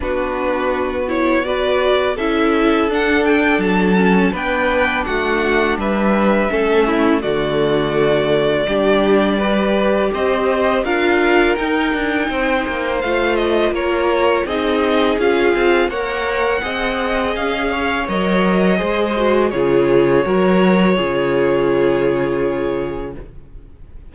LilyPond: <<
  \new Staff \with { instrumentName = "violin" } { \time 4/4 \tempo 4 = 83 b'4. cis''8 d''4 e''4 | fis''8 g''8 a''4 g''4 fis''4 | e''2 d''2~ | d''2 dis''4 f''4 |
g''2 f''8 dis''8 cis''4 | dis''4 f''4 fis''2 | f''4 dis''2 cis''4~ | cis''1 | }
  \new Staff \with { instrumentName = "violin" } { \time 4/4 fis'2 b'4 a'4~ | a'2 b'4 fis'4 | b'4 a'8 e'8 fis'2 | g'4 b'4 c''4 ais'4~ |
ais'4 c''2 ais'4 | gis'2 cis''4 dis''4~ | dis''8 cis''4. c''4 gis'4 | ais'4 gis'2. | }
  \new Staff \with { instrumentName = "viola" } { \time 4/4 d'4. e'8 fis'4 e'4 | d'4. cis'8 d'2~ | d'4 cis'4 a2 | d'4 g'2 f'4 |
dis'2 f'2 | dis'4 f'4 ais'4 gis'4~ | gis'4 ais'4 gis'8 fis'8 f'4 | fis'4 f'2. | }
  \new Staff \with { instrumentName = "cello" } { \time 4/4 b2. cis'4 | d'4 fis4 b4 a4 | g4 a4 d2 | g2 c'4 d'4 |
dis'8 d'8 c'8 ais8 a4 ais4 | c'4 cis'8 c'8 ais4 c'4 | cis'4 fis4 gis4 cis4 | fis4 cis2. | }
>>